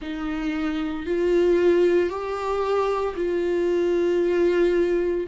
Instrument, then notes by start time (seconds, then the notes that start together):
viola
0.01 D#4
1.05 F4
2.09 G4
3.16 F4